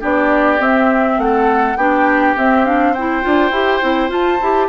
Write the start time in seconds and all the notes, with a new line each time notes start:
0.00 B3 D4 G4 D5
0.59 C4 E5
1.17 A3 F#5
1.24 A4
1.76 B3 D4 G4 G5
2.37 C4 E5
2.64 D4 F5
2.92 E4 C5 G5
3.21 D4 F4
3.50 E4 G4
3.81 C4 E4
4.09 F4 A5
4.41 E4 G4